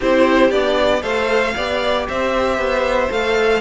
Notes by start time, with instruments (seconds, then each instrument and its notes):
0.00 cello C4, viola E4, violin G4 C5
0.50 cello B3, viola D4, violin D5
1.01 cello A3, viola A4, violin C5 F5
1.55 cello B3, viola G4, violin D5
2.07 cello C4, violin C5 E5
2.57 cello B3
3.10 cello A3, viola A4, violin F5